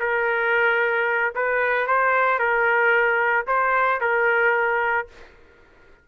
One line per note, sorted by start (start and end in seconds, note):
0.00 1.34 A#4
1.35 1.87 B4
1.87 2.39 C5
2.39 3.46 A#4
3.47 4.01 C5
4.01 5.08 A#4